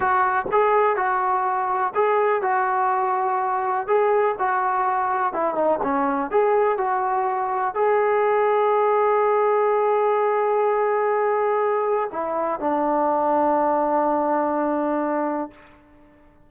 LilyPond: \new Staff \with { instrumentName = "trombone" } { \time 4/4 \tempo 4 = 124 fis'4 gis'4 fis'2 | gis'4 fis'2. | gis'4 fis'2 e'8 dis'8 | cis'4 gis'4 fis'2 |
gis'1~ | gis'1~ | gis'4 e'4 d'2~ | d'1 | }